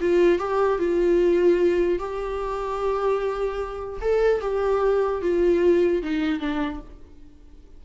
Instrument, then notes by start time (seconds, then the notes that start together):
viola
0.00 F4
0.38 G4
0.79 F4
1.98 G4
4.01 A4
4.40 G4
5.21 F4
6.02 D#4
6.39 D4